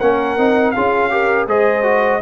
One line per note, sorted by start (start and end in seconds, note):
0.00 0.38 A#3
0.00 0.38 C#4
0.00 0.74 A#4
0.00 0.71 F#5
0.38 0.75 C4
0.38 0.75 D#4
0.71 1.48 C#4
0.71 1.10 F4
0.71 1.11 G#4
0.71 1.45 F5
1.10 1.48 G4
1.10 1.48 A#4
1.48 2.22 G#3
1.48 1.83 G#4
1.48 2.22 C5
1.48 2.22 D#5
1.83 2.20 F#4